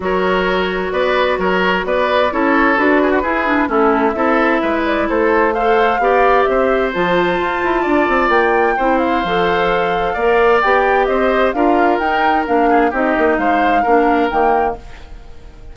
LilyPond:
<<
  \new Staff \with { instrumentName = "flute" } { \time 4/4 \tempo 4 = 130 cis''2 d''4 cis''4 | d''4 cis''4 b'2 | a'4 e''4. d''8 c''4 | f''2 e''4 a''4~ |
a''2 g''4. f''8~ | f''2. g''4 | dis''4 f''4 g''4 f''4 | dis''4 f''2 g''4 | }
  \new Staff \with { instrumentName = "oboe" } { \time 4/4 ais'2 b'4 ais'4 | b'4 a'4. gis'16 fis'16 gis'4 | e'4 a'4 b'4 a'4 | c''4 d''4 c''2~ |
c''4 d''2 c''4~ | c''2 d''2 | c''4 ais'2~ ais'8 gis'8 | g'4 c''4 ais'2 | }
  \new Staff \with { instrumentName = "clarinet" } { \time 4/4 fis'1~ | fis'4 e'4 fis'4 e'8 d'8 | cis'4 e'2. | a'4 g'2 f'4~ |
f'2. e'4 | a'2 ais'4 g'4~ | g'4 f'4 dis'4 d'4 | dis'2 d'4 ais4 | }
  \new Staff \with { instrumentName = "bassoon" } { \time 4/4 fis2 b4 fis4 | b4 cis'4 d'4 e'4 | a4 c'4 gis4 a4~ | a4 b4 c'4 f4 |
f'8 e'8 d'8 c'8 ais4 c'4 | f2 ais4 b4 | c'4 d'4 dis'4 ais4 | c'8 ais8 gis4 ais4 dis4 | }
>>